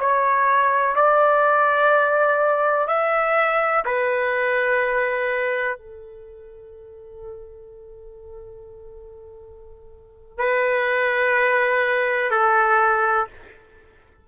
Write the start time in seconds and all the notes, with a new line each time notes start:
0.00 C#5
0.96 D5
2.88 E5
3.85 B4
5.78 A4
10.38 B4
12.31 A4